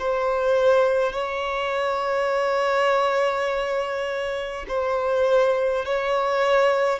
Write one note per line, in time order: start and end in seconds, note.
0.00 1.13 C5
1.13 4.66 C#5
4.68 5.86 C5
5.86 7.00 C#5